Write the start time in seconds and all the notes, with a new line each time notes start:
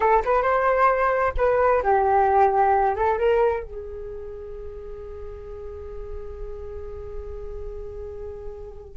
0.00 A4
0.25 B4
0.42 C5
1.37 B4
1.82 G4
2.95 A4
3.18 A#4
3.63 G#4